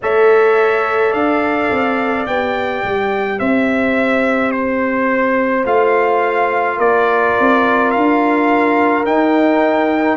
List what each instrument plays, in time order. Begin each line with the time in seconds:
0.01 tuba A3, trombone A4, horn C#5, trumpet E5
1.10 tuba D4, horn D5, trumpet F5
1.70 tuba C4
2.26 tuba B3, trombone G4, trumpet G5
2.84 tuba G3
3.38 tuba C4, horn C5, trumpet E5
4.51 trumpet C5
5.64 tuba A3, trombone F4, trumpet F5
6.77 tuba A#3, horn A#4, trumpet D5
7.39 tuba C4
7.91 tuba D4, trumpet F5
9.05 trombone D#4, tuba D#4, trumpet G5